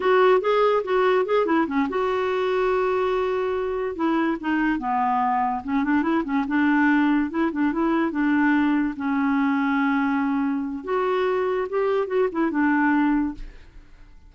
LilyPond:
\new Staff \with { instrumentName = "clarinet" } { \time 4/4 \tempo 4 = 144 fis'4 gis'4 fis'4 gis'8 e'8 | cis'8 fis'2.~ fis'8~ | fis'4. e'4 dis'4 b8~ | b4. cis'8 d'8 e'8 cis'8 d'8~ |
d'4. e'8 d'8 e'4 d'8~ | d'4. cis'2~ cis'8~ | cis'2 fis'2 | g'4 fis'8 e'8 d'2 | }